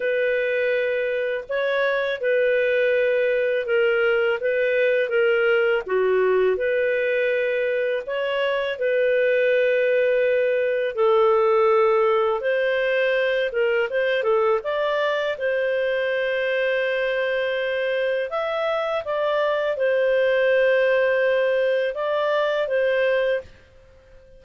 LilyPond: \new Staff \with { instrumentName = "clarinet" } { \time 4/4 \tempo 4 = 82 b'2 cis''4 b'4~ | b'4 ais'4 b'4 ais'4 | fis'4 b'2 cis''4 | b'2. a'4~ |
a'4 c''4. ais'8 c''8 a'8 | d''4 c''2.~ | c''4 e''4 d''4 c''4~ | c''2 d''4 c''4 | }